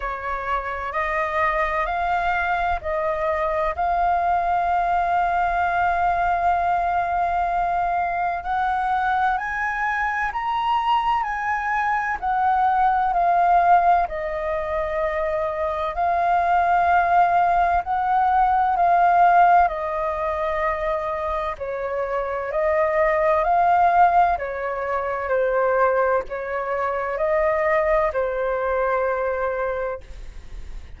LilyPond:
\new Staff \with { instrumentName = "flute" } { \time 4/4 \tempo 4 = 64 cis''4 dis''4 f''4 dis''4 | f''1~ | f''4 fis''4 gis''4 ais''4 | gis''4 fis''4 f''4 dis''4~ |
dis''4 f''2 fis''4 | f''4 dis''2 cis''4 | dis''4 f''4 cis''4 c''4 | cis''4 dis''4 c''2 | }